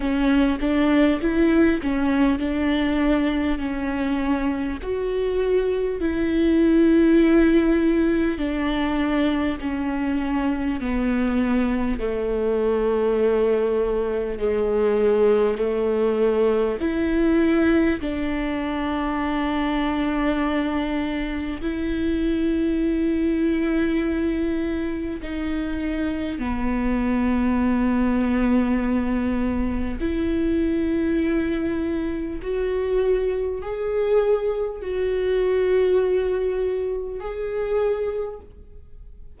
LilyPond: \new Staff \with { instrumentName = "viola" } { \time 4/4 \tempo 4 = 50 cis'8 d'8 e'8 cis'8 d'4 cis'4 | fis'4 e'2 d'4 | cis'4 b4 a2 | gis4 a4 e'4 d'4~ |
d'2 e'2~ | e'4 dis'4 b2~ | b4 e'2 fis'4 | gis'4 fis'2 gis'4 | }